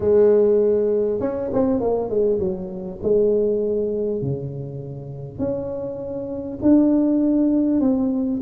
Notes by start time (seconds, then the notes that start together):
0.00 G#3
1.20 C#4
1.53 C4
1.80 A#3
2.09 G#3
2.39 F#3
3.02 G#3
4.21 C#3
5.38 C#4
6.62 D4
7.80 C4